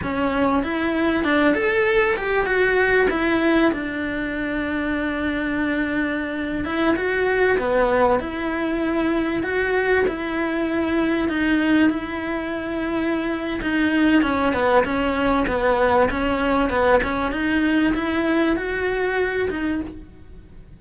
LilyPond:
\new Staff \with { instrumentName = "cello" } { \time 4/4 \tempo 4 = 97 cis'4 e'4 d'8 a'4 g'8 | fis'4 e'4 d'2~ | d'2~ d'8. e'8 fis'8.~ | fis'16 b4 e'2 fis'8.~ |
fis'16 e'2 dis'4 e'8.~ | e'2 dis'4 cis'8 b8 | cis'4 b4 cis'4 b8 cis'8 | dis'4 e'4 fis'4. dis'8 | }